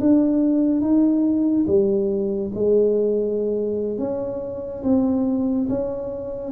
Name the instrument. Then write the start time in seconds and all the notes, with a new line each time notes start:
tuba
0.00 D4
0.81 D#4
1.67 G3
2.54 G#3
3.98 C#4
4.83 C4
5.69 C#4